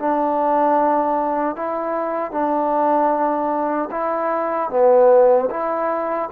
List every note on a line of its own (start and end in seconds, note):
0.00 1.56 D4
1.56 2.32 E4
2.32 3.90 D4
3.92 4.70 E4
4.70 5.49 B3
5.51 6.30 E4